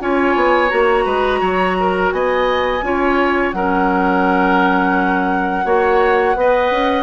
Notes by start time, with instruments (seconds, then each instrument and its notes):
0.00 bassoon C#4, clarinet F4, oboe C#5, flute G#5
0.35 bassoon B3
0.68 bassoon A#3, clarinet F#4, flute A#5
1.05 bassoon G#3, oboe B4
1.41 bassoon F#3, oboe C#5
1.80 oboe A#4
2.12 bassoon B3, oboe D#5, flute G#5
2.82 bassoon C#4, clarinet F4, oboe C#5
3.52 bassoon F#3, clarinet C#4, oboe A#4, flute F#5
5.64 bassoon A#3, clarinet F#4, oboe C#5
6.35 bassoon B3, clarinet B4, oboe D#5
6.71 bassoon C#4